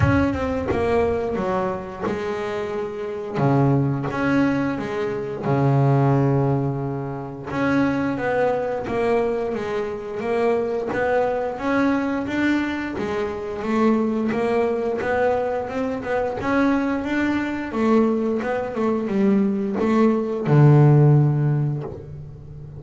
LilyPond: \new Staff \with { instrumentName = "double bass" } { \time 4/4 \tempo 4 = 88 cis'8 c'8 ais4 fis4 gis4~ | gis4 cis4 cis'4 gis4 | cis2. cis'4 | b4 ais4 gis4 ais4 |
b4 cis'4 d'4 gis4 | a4 ais4 b4 c'8 b8 | cis'4 d'4 a4 b8 a8 | g4 a4 d2 | }